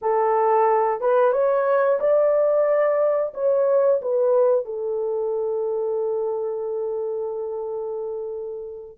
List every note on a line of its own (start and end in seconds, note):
0.02 1.01 A4
1.01 1.32 B4
1.32 1.98 C#5
1.99 3.33 D5
3.34 4.00 C#5
4.02 4.65 B4
4.65 8.98 A4